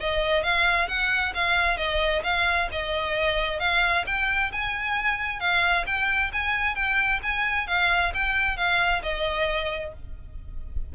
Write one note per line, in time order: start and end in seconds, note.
0.00 0.43 D#5
0.43 0.88 F5
0.88 1.33 F#5
1.34 1.77 F5
1.77 2.22 D#5
2.23 2.68 F5
2.71 3.60 D#5
3.60 4.05 F5
4.06 4.52 G5
4.52 5.40 G#5
5.40 5.85 F5
5.86 6.31 G5
6.33 6.75 G#5
6.75 7.20 G5
7.22 7.67 G#5
7.67 8.12 F5
8.14 8.57 G5
8.57 9.02 F5
9.03 9.93 D#5